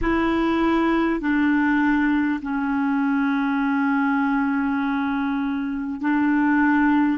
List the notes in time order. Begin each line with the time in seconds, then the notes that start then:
0.01 E4
1.20 D4
2.42 C#4
6.00 D4